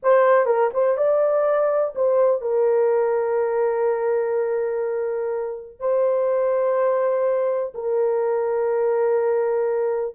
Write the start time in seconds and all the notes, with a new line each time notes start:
0.02 C5
0.45 A#4
0.73 C5
0.97 D5
1.95 C5
2.41 A#4
5.79 C5
7.74 A#4